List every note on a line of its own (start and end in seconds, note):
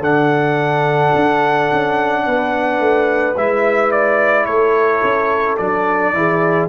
0.00 1.11 D3
0.00 3.35 D4
0.00 2.23 A4
0.00 3.37 F#5
1.15 1.71 D4
1.72 2.26 C#4
2.26 2.79 B3
2.26 4.47 B4
2.79 3.35 A3
3.36 4.46 G#3
3.36 5.58 E4
3.36 3.92 E5
3.92 4.46 D5
4.46 5.02 A3
4.46 6.13 A4
4.46 5.57 C#5
5.03 5.59 C#4
5.57 6.13 F#3
5.57 6.14 D4
5.57 6.68 D5
6.13 6.69 E3
6.13 6.69 E4
6.13 6.69 G#4